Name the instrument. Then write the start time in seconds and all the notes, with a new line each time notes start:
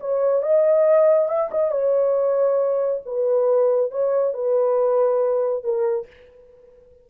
horn
0.00 C#5
0.42 D#5
1.28 E5
1.51 D#5
1.71 C#5
3.05 B4
3.91 C#5
4.33 B4
5.63 A#4